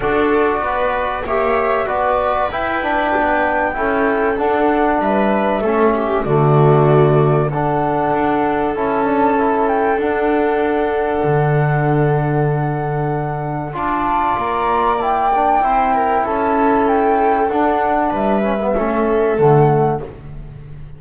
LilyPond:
<<
  \new Staff \with { instrumentName = "flute" } { \time 4/4 \tempo 4 = 96 d''2 e''4 d''4 | g''2. fis''4 | e''2 d''2 | fis''2 a''4. g''8 |
fis''1~ | fis''2 a''4 ais''4 | g''2 a''4 g''4 | fis''4 e''2 fis''4 | }
  \new Staff \with { instrumentName = "viola" } { \time 4/4 a'4 b'4 cis''4 b'4~ | b'2 a'2 | b'4 a'8 g'8 fis'2 | a'1~ |
a'1~ | a'2 d''2~ | d''4 c''8 ais'8 a'2~ | a'4 b'4 a'2 | }
  \new Staff \with { instrumentName = "trombone" } { \time 4/4 fis'2 g'4 fis'4 | e'8 d'4. e'4 d'4~ | d'4 cis'4 a2 | d'2 e'8 d'8 e'4 |
d'1~ | d'2 f'2 | e'8 d'8 e'2. | d'4. cis'16 b16 cis'4 a4 | }
  \new Staff \with { instrumentName = "double bass" } { \time 4/4 d'4 b4 ais4 b4 | e'4 b4 cis'4 d'4 | g4 a4 d2~ | d4 d'4 cis'2 |
d'2 d2~ | d2 d'4 ais4~ | ais4 c'4 cis'2 | d'4 g4 a4 d4 | }
>>